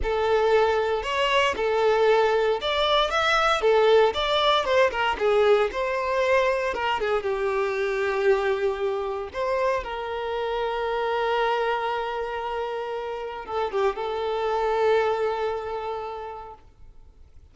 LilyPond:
\new Staff \with { instrumentName = "violin" } { \time 4/4 \tempo 4 = 116 a'2 cis''4 a'4~ | a'4 d''4 e''4 a'4 | d''4 c''8 ais'8 gis'4 c''4~ | c''4 ais'8 gis'8 g'2~ |
g'2 c''4 ais'4~ | ais'1~ | ais'2 a'8 g'8 a'4~ | a'1 | }